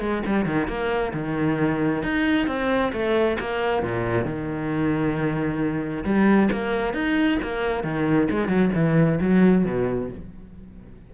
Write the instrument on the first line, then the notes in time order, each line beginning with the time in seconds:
cello
0.00 G#3
0.26 G3
0.46 D#3
0.68 A#3
1.13 D#3
2.03 D#4
2.47 C4
2.92 A3
3.40 A#3
3.83 A#2
4.25 D#3
6.04 G3
6.52 A#3
6.93 D#4
7.42 A#3
7.84 D#3
8.30 G#3
8.48 F#3
8.74 E3
9.20 F#3
9.65 B2